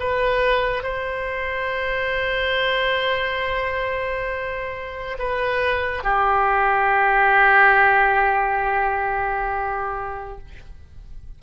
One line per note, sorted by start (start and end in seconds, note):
0.00 0.84 B4
0.84 5.19 C5
5.19 6.04 B4
6.04 10.39 G4